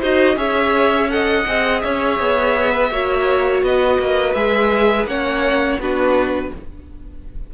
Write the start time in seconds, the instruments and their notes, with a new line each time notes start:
0.00 cello D#4, viola F#4, violin C5 D#5
0.36 cello C#4, viola G#4, violin C#5 E5
1.10 viola A4, violin D#5 F#5
1.48 cello C4, viola G#4
1.81 cello C#4, violin C#5 E5
2.19 cello B3
2.72 violin B4
2.91 cello A#3, viola F#4, violin C#5
3.62 cello B3, violin B4 D#5
3.99 cello A#3
4.34 cello G#3, viola G#4, violin E5
5.06 cello A#3, viola C#4, violin C#5 F#5
5.79 cello B3, viola D4, violin F#4 B4